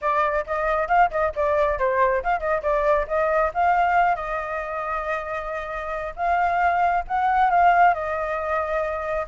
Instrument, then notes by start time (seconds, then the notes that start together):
flute
0.01 D5
0.46 D#5
0.88 F5
1.10 D#5
1.35 D5
1.78 C5
2.23 F5
2.39 D#5
2.62 D5
3.07 D#5
3.54 F5
4.15 D#5
6.15 F5
7.07 F#5
7.50 F5
7.94 D#5